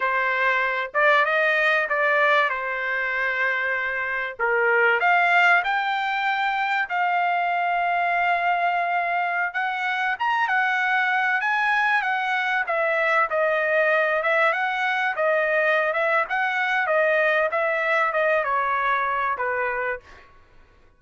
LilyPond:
\new Staff \with { instrumentName = "trumpet" } { \time 4/4 \tempo 4 = 96 c''4. d''8 dis''4 d''4 | c''2. ais'4 | f''4 g''2 f''4~ | f''2.~ f''16 fis''8.~ |
fis''16 ais''8 fis''4. gis''4 fis''8.~ | fis''16 e''4 dis''4. e''8 fis''8.~ | fis''16 dis''4~ dis''16 e''8 fis''4 dis''4 | e''4 dis''8 cis''4. b'4 | }